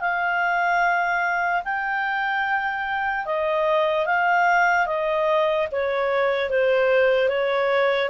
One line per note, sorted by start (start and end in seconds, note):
0.00 1.62 F5
1.64 3.25 G5
3.25 4.05 D#5
4.05 4.86 F5
4.86 5.67 D#5
5.71 6.49 C#5
6.49 7.28 C5
7.28 8.09 C#5